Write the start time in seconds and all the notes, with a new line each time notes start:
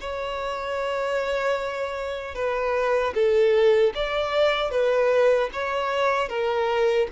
0.00 C#5
2.34 B4
3.14 A4
3.95 D5
4.70 B4
5.52 C#5
6.28 A#4